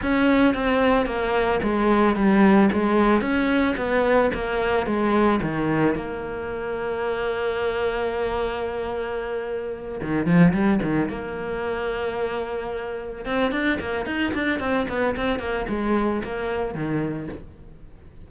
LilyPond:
\new Staff \with { instrumentName = "cello" } { \time 4/4 \tempo 4 = 111 cis'4 c'4 ais4 gis4 | g4 gis4 cis'4 b4 | ais4 gis4 dis4 ais4~ | ais1~ |
ais2~ ais8 dis8 f8 g8 | dis8 ais2.~ ais8~ | ais8 c'8 d'8 ais8 dis'8 d'8 c'8 b8 | c'8 ais8 gis4 ais4 dis4 | }